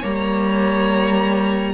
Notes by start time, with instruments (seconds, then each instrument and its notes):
0.00 cello G3, viola A#3, violin C#5 A#5